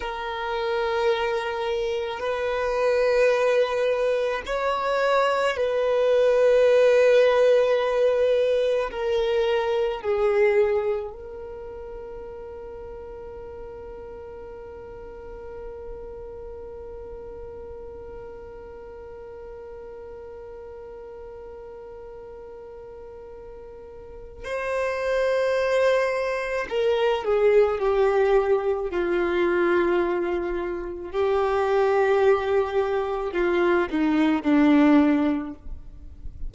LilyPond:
\new Staff \with { instrumentName = "violin" } { \time 4/4 \tempo 4 = 54 ais'2 b'2 | cis''4 b'2. | ais'4 gis'4 ais'2~ | ais'1~ |
ais'1~ | ais'2 c''2 | ais'8 gis'8 g'4 f'2 | g'2 f'8 dis'8 d'4 | }